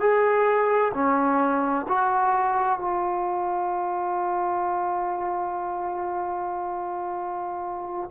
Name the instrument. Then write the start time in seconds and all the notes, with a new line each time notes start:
trombone
0.00 G#4
0.94 C#4
1.88 F#4
2.79 F4